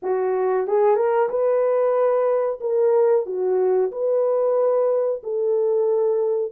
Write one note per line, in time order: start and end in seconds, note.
0.02 0.67 F#4
0.67 0.96 G#4
0.96 1.28 A#4
1.29 2.59 B4
2.60 3.25 A#4
3.25 3.91 F#4
3.91 5.22 B4
5.23 6.52 A4